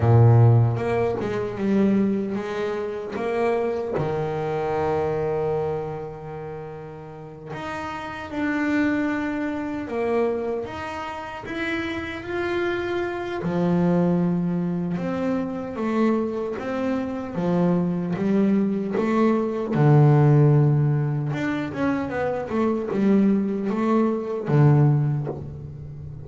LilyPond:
\new Staff \with { instrumentName = "double bass" } { \time 4/4 \tempo 4 = 76 ais,4 ais8 gis8 g4 gis4 | ais4 dis2.~ | dis4. dis'4 d'4.~ | d'8 ais4 dis'4 e'4 f'8~ |
f'4 f2 c'4 | a4 c'4 f4 g4 | a4 d2 d'8 cis'8 | b8 a8 g4 a4 d4 | }